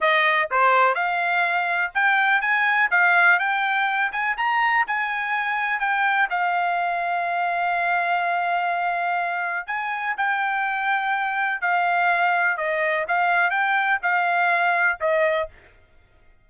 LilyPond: \new Staff \with { instrumentName = "trumpet" } { \time 4/4 \tempo 4 = 124 dis''4 c''4 f''2 | g''4 gis''4 f''4 g''4~ | g''8 gis''8 ais''4 gis''2 | g''4 f''2.~ |
f''1 | gis''4 g''2. | f''2 dis''4 f''4 | g''4 f''2 dis''4 | }